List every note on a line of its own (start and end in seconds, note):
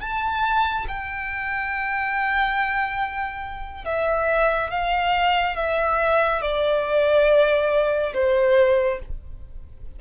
0.00 0.86 A5
0.88 3.84 G5
3.84 4.70 E5
4.70 5.56 F5
5.56 6.41 E5
6.41 8.13 D5
8.13 8.99 C5